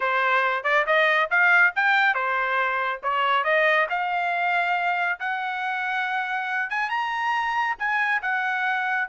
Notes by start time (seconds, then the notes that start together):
0.00 C5
0.63 D5
0.86 D#5
1.30 F5
1.75 G5
2.14 C5
3.02 C#5
3.43 D#5
3.89 F5
5.19 F#5
6.69 G#5
6.89 A#5
7.78 G#5
8.22 F#5